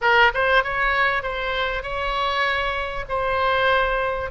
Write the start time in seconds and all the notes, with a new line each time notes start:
0.01 A#4
0.33 C5
0.63 C#5
1.22 C5
1.82 C#5
3.09 C5